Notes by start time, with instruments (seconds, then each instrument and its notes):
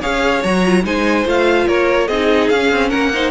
0.00 cello C#4, viola G#4, violin C#5 F5
0.43 cello F#3, viola F#4, violin A#5
0.65 viola F4
0.83 cello G#3, viola D#4, violin C5 G#5
1.24 cello A3, viola F4, violin F5
1.67 cello A#3, violin A#4 C#5
2.07 cello C4, viola D#4, violin G#4 D#5
2.49 cello C#4, viola C#4, violin F5
2.71 cello C4
2.88 cello A#3, violin A#4 F#5
3.13 viola D#4, violin C5